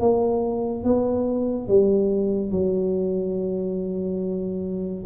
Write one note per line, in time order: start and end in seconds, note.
0.00 0.84 A#3
0.84 1.68 B3
1.68 2.51 G3
2.51 5.04 F#3